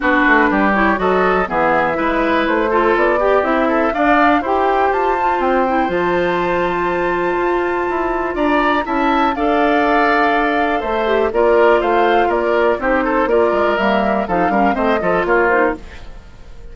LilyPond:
<<
  \new Staff \with { instrumentName = "flute" } { \time 4/4 \tempo 4 = 122 b'4. cis''8 dis''4 e''4~ | e''4 c''4 d''4 e''4 | f''4 g''4 a''4 g''4 | a''1~ |
a''4 ais''4 a''4 f''4~ | f''2 e''4 d''4 | f''4 d''4 c''4 d''4 | e''4 f''4 dis''4 cis''8 c''8 | }
  \new Staff \with { instrumentName = "oboe" } { \time 4/4 fis'4 g'4 a'4 gis'4 | b'4. a'4 g'4 a'8 | d''4 c''2.~ | c''1~ |
c''4 d''4 e''4 d''4~ | d''2 c''4 ais'4 | c''4 ais'4 g'8 a'8 ais'4~ | ais'4 a'8 ais'8 c''8 a'8 f'4 | }
  \new Staff \with { instrumentName = "clarinet" } { \time 4/4 d'4. e'8 fis'4 b4 | e'4. f'4 g'8 e'4 | d'4 g'4. f'4 e'8 | f'1~ |
f'2 e'4 a'4~ | a'2~ a'8 g'8 f'4~ | f'2 dis'4 f'4 | ais4 dis'8 cis'8 c'8 f'4 dis'8 | }
  \new Staff \with { instrumentName = "bassoon" } { \time 4/4 b8 a8 g4 fis4 e4 | gis4 a4 b4 c'4 | d'4 e'4 f'4 c'4 | f2. f'4 |
e'4 d'4 cis'4 d'4~ | d'2 a4 ais4 | a4 ais4 c'4 ais8 gis8 | g4 f8 g8 a8 f8 ais4 | }
>>